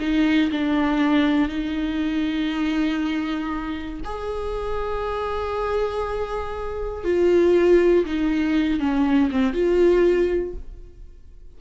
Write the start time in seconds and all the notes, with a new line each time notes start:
0.00 D#4
0.52 D4
1.49 D#4
4.05 G#4
7.04 F4
8.06 D#4
8.80 C#4
9.31 C4
9.53 F4